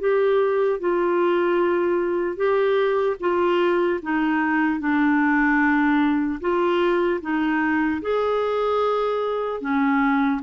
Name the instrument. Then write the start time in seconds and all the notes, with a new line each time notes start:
clarinet
0.00 G4
0.80 F4
2.37 G4
3.20 F4
4.03 D#4
4.80 D4
6.41 F4
7.21 D#4
8.02 G#4
9.61 C#4